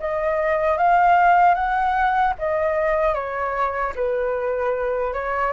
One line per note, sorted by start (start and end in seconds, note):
0.00 0.78 D#5
0.78 1.55 F5
1.55 2.34 F#5
2.39 3.14 D#5
3.14 3.93 C#5
3.96 5.14 B4
5.14 5.53 C#5